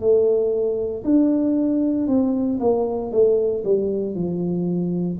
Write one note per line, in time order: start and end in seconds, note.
0.00 1.03 A3
1.04 2.07 D4
2.07 2.59 C4
2.60 3.12 A#3
3.12 3.63 A3
3.64 4.15 G3
4.15 5.19 F3